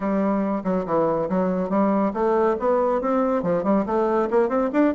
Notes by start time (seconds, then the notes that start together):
0.00 G3
0.64 F#3
0.86 E3
1.29 F#3
1.69 G3
2.13 A3
2.59 B3
3.01 C4
3.43 F3
3.63 G3
3.86 A3
4.30 A#3
4.48 C4
4.73 D4